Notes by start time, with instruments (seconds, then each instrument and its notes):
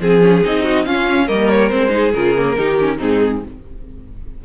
0.00 cello F3, viola C4, violin G#4
0.21 viola C#4
0.44 cello C4, viola D#4, violin D#5
0.64 violin F#4
0.86 viola C#4, cello C#4, violin F4 F5
1.27 cello G3, viola A#3, violin A#4 D#5
1.50 violin C#5
1.70 cello G#3, viola C4, violin C5
1.90 viola D#4, violin G#4
2.13 cello C#3, viola F4, violin A#4
2.37 viola A#3
2.57 cello D#3, viola D#4, violin G4
2.80 viola C#4
2.98 cello G#2, viola C4, violin D#4 G#4